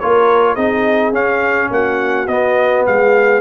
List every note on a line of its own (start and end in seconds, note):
0.00 0.57 A#3
0.00 0.58 F4
0.00 0.55 A#4
0.00 0.56 C#5
0.55 1.13 C4
0.55 1.13 D#4
0.55 1.69 G#4
0.55 1.13 D#5
1.13 1.70 C#4
1.13 2.28 C#4
1.13 1.72 F5
1.71 2.28 A#3
1.71 2.88 F#4
1.71 2.28 F#5
2.28 2.85 B3
2.28 3.42 B3
2.28 2.85 D#5
2.87 3.42 G#3
2.87 3.42 G#4
2.87 3.42 F5